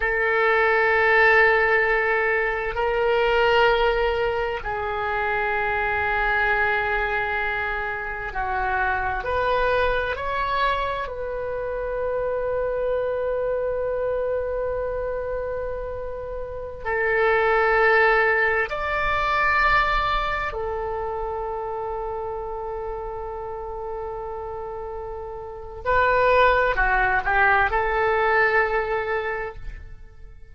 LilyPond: \new Staff \with { instrumentName = "oboe" } { \time 4/4 \tempo 4 = 65 a'2. ais'4~ | ais'4 gis'2.~ | gis'4 fis'4 b'4 cis''4 | b'1~ |
b'2~ b'16 a'4.~ a'16~ | a'16 d''2 a'4.~ a'16~ | a'1 | b'4 fis'8 g'8 a'2 | }